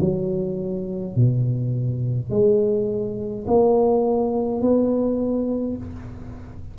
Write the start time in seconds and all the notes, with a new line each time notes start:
0.00 F#3
1.15 B2
2.30 G#3
3.48 A#3
4.62 B3